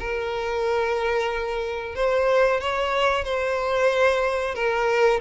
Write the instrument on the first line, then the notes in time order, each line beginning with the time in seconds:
violin
0.00 A#4
1.95 C5
2.61 C#5
3.25 C5
4.55 A#4